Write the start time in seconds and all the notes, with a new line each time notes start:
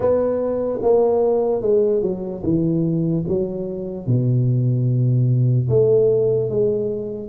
0.00 B3
0.81 A#3
1.61 G#3
2.02 F#3
2.43 E3
3.28 F#3
4.07 B2
5.69 A3
6.49 G#3